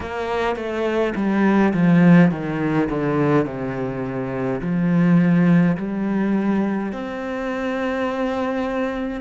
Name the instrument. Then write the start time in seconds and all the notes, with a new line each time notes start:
cello
0.00 A#3
0.56 A3
1.15 G3
1.73 F3
2.31 D#3
2.89 D3
3.45 C3
4.61 F3
5.77 G3
6.92 C4